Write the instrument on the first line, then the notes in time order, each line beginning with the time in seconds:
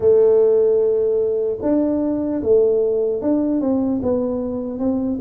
tuba
0.00 A3
1.62 D4
2.42 A3
3.21 D4
3.60 C4
4.02 B3
4.79 C4